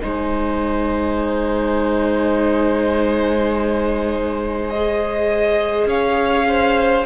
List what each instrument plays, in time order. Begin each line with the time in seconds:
0.00 cello G#3, viola D#4, violin C5 G#5
4.69 viola G#4, violin D#5
5.86 cello C#4, violin C#5 F5
6.48 violin C5